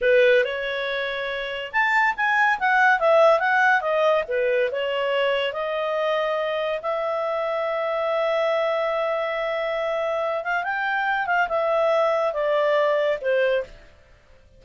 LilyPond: \new Staff \with { instrumentName = "clarinet" } { \time 4/4 \tempo 4 = 141 b'4 cis''2. | a''4 gis''4 fis''4 e''4 | fis''4 dis''4 b'4 cis''4~ | cis''4 dis''2. |
e''1~ | e''1~ | e''8 f''8 g''4. f''8 e''4~ | e''4 d''2 c''4 | }